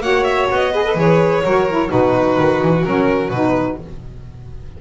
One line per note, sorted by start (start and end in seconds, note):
0.00 0.47 A#3
0.00 0.72 F#4
0.00 0.72 C#5
0.00 0.23 F#5
0.23 0.47 E5
0.50 0.95 B3
0.50 0.99 D#5
0.72 0.85 G#4
0.72 1.43 B4
0.85 0.96 A4
0.95 1.41 E3
0.95 1.44 G#4
0.95 1.91 C#5
1.43 1.90 F#3
1.43 1.69 F#4
1.43 1.90 A#4
1.69 1.88 E4
1.88 2.38 B2
1.88 2.82 D#4
1.88 3.78 F#4
1.88 2.83 B4
2.38 2.61 D#3
2.61 2.84 E3
2.83 3.30 F#3
2.83 3.32 C#4
2.83 3.30 A#4
3.30 3.77 B2
3.30 3.81 D#4
3.30 3.77 B4